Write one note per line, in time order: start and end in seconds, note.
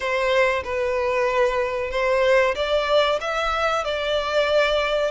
0.00 0.63 C5
0.64 1.90 B4
1.90 2.54 C5
2.55 3.19 D5
3.21 3.84 E5
3.84 5.11 D5